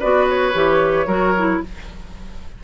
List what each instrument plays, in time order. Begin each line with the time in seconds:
0.00 bassoon B3, clarinet F#4, oboe B4, flute D5
0.30 flute C#5
0.53 bassoon E3, clarinet G4
1.07 bassoon F#3, clarinet F#4, oboe A#4
1.37 clarinet E4